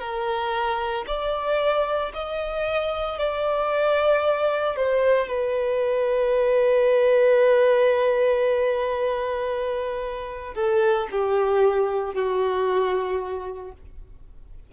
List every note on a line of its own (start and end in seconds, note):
0.00 1.05 A#4
1.07 2.12 D5
2.14 3.19 D#5
3.19 4.76 D5
4.76 5.28 C5
5.28 10.54 B4
10.55 11.08 A4
11.11 12.14 G4
12.14 13.72 F#4